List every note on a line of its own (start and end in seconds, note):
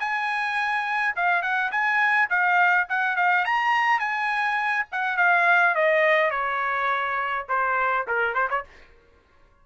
0.00 1.15 G#5
1.16 1.42 F5
1.42 1.71 F#5
1.72 2.29 G#5
2.30 2.88 F5
2.90 3.17 F#5
3.17 3.45 F5
3.45 4.00 A#5
4.00 4.86 G#5
4.92 5.17 F#5
5.17 5.75 F5
5.75 6.31 D#5
6.31 7.46 C#5
7.49 8.06 C5
8.08 8.34 A#4
8.34 8.49 C5
8.50 8.64 C#5